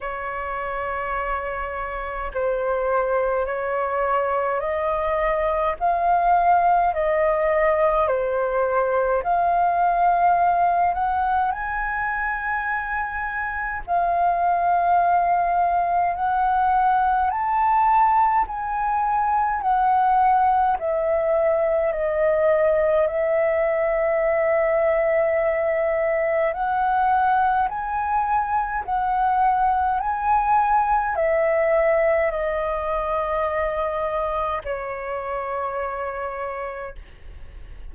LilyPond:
\new Staff \with { instrumentName = "flute" } { \time 4/4 \tempo 4 = 52 cis''2 c''4 cis''4 | dis''4 f''4 dis''4 c''4 | f''4. fis''8 gis''2 | f''2 fis''4 a''4 |
gis''4 fis''4 e''4 dis''4 | e''2. fis''4 | gis''4 fis''4 gis''4 e''4 | dis''2 cis''2 | }